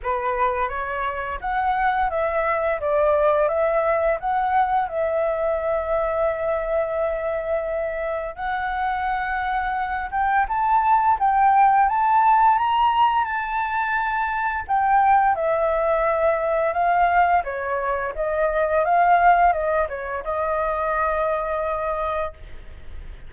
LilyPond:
\new Staff \with { instrumentName = "flute" } { \time 4/4 \tempo 4 = 86 b'4 cis''4 fis''4 e''4 | d''4 e''4 fis''4 e''4~ | e''1 | fis''2~ fis''8 g''8 a''4 |
g''4 a''4 ais''4 a''4~ | a''4 g''4 e''2 | f''4 cis''4 dis''4 f''4 | dis''8 cis''8 dis''2. | }